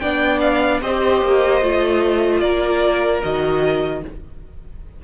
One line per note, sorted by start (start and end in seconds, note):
0.00 0.82 B3
0.00 0.82 D4
0.00 0.82 D5
0.00 0.40 G5
0.41 0.81 F5
0.82 1.22 C4
0.82 1.62 G4
0.82 2.42 C5
0.82 2.40 D#5
1.22 1.62 A#3
1.62 2.42 A3
1.62 3.22 F4
2.40 3.22 A#3
2.40 4.02 A#4
2.40 3.20 D5
3.23 4.04 D#3
3.23 4.03 F#4
3.23 4.03 D#5